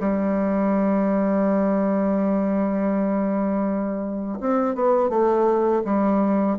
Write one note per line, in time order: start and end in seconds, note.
0.00 4.39 G3
4.40 4.75 C4
4.75 5.10 B3
5.10 5.83 A3
5.85 6.58 G3